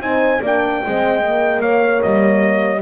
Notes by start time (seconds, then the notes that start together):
0.00 C4 D#4 C5 G#5
0.41 A#3 D4 D5 G5
0.83 G#3 C4 D#5
1.21 A#3
1.60 A#3 C#5 F5
2.02 G3 D#5